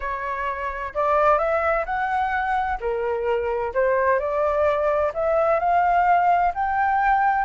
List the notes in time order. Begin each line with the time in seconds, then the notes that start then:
0.00 C#5
0.94 D5
1.38 E5
1.85 F#5
2.80 A#4
3.74 C5
4.19 D5
5.14 E5
5.59 F5
6.54 G5